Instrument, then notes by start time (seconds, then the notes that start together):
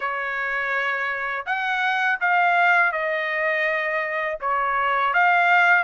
trumpet
0.00 C#5
1.46 F#5
2.20 F5
2.91 D#5
4.40 C#5
5.13 F5